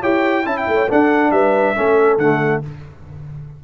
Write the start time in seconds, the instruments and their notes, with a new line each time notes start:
0.00 tuba E4, trombone G4, horn C#5, trumpet G5
0.44 tuba C#4, trombone E4, horn E5, trumpet A5
0.57 trumpet G5
0.67 tuba A3, horn C#5
0.88 trombone D4, tuba D4, horn A4, trumpet F#5
1.31 tuba G3, horn B4, trumpet E5
1.75 tuba A3, trombone C#4, horn A4
2.17 tuba D3, trombone A3, trumpet F#5